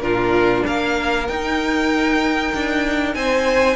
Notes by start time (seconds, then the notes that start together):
0.00 A#2 D4 F4 A#4
0.66 A#3 A#4 F5
1.27 D#4 G5
2.54 D4
3.14 C4 C5 G#5